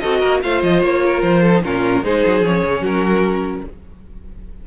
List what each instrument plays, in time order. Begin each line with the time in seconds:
0.00 cello C4, viola F#4, violin A4 D#5
0.20 cello A#3, violin A#4
0.43 cello A3, viola F4, violin C5 F5
0.63 cello F3, violin D#5
0.82 cello A#3, violin C#5
1.05 violin A#4
1.22 cello F3, violin C5
1.43 violin A4
1.55 viola D#4
1.63 cello A#2, viola C#4, violin F4 A#4
2.03 cello G#3, viola D#4, violin G#4 C5
2.26 cello F#3
2.42 cello F3, viola C#4, violin C#5
2.64 cello C#3
2.80 cello F#3, violin F#4 A#4